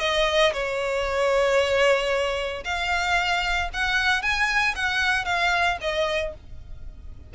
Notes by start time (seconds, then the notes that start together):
0.00 D#5
0.53 C#5
2.64 F5
3.73 F#5
4.22 G#5
4.76 F#5
5.25 F5
5.81 D#5